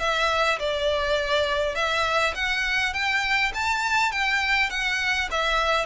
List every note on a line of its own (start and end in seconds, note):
0.00 0.59 E5
0.60 1.75 D5
1.75 2.34 E5
2.35 2.94 F#5
2.94 3.53 G5
3.55 4.12 A5
4.12 4.70 G5
4.70 5.29 F#5
5.32 5.86 E5